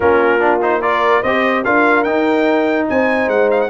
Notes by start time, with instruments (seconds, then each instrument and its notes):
0.00 tuba A#3, trombone C#4, horn F4, trumpet A#4
0.39 trombone D4
0.62 trombone D#4, trumpet C5
0.80 trombone F4, horn A#4, trumpet D5
1.22 tuba C4, trombone G4, horn C5, trumpet D#5
1.64 tuba D4, trombone F4, horn A#4, trumpet F5
2.03 tuba D#4, trombone D#4, trumpet G5
2.89 tuba C4, horn C5, trumpet G#5
3.27 tuba G#3, trumpet F#5
3.50 trumpet F5
3.60 trumpet F#5